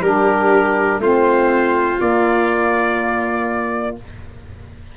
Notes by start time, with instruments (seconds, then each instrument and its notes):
0.00 tuba G3, saxophone D4, violin G4, trumpet A#4
0.98 tuba A3, saxophone C4, violin F4, trumpet C5
1.99 saxophone A#3, tuba A#3, trumpet D5